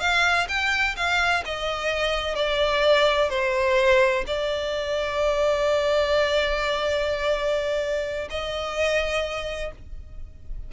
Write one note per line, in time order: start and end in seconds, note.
0.00 0.47 F5
0.48 0.96 G5
0.96 1.43 F5
1.45 2.35 D#5
2.35 3.30 D5
3.30 4.24 C5
4.27 8.28 D5
8.30 9.71 D#5